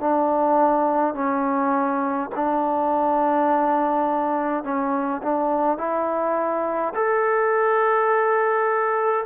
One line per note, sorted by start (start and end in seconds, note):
0.00 1.14 D4
1.14 2.29 C#4
2.35 4.63 D4
4.63 5.21 C#4
5.22 5.77 D4
5.77 6.93 E4
6.94 9.25 A4